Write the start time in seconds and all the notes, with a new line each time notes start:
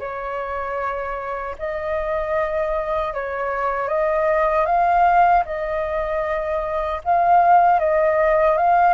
0.00 C#5
1.59 D#5
3.14 C#5
3.88 D#5
4.66 F5
5.46 D#5
7.04 F5
7.80 D#5
8.57 F5